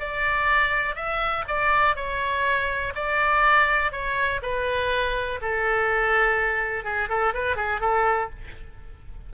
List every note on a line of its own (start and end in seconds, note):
0.00 0.96 D5
0.96 1.44 E5
1.48 1.96 D5
1.96 2.93 C#5
2.95 3.92 D5
3.92 4.40 C#5
4.42 5.40 B4
5.41 6.84 A4
6.84 7.09 G#4
7.09 7.33 A4
7.34 7.56 B4
7.56 7.80 G#4
7.81 8.29 A4